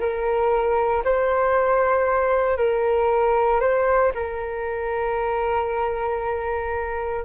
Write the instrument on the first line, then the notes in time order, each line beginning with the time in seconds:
flute
0.00 A#4
1.05 C5
2.57 A#4
3.61 C5
4.15 A#4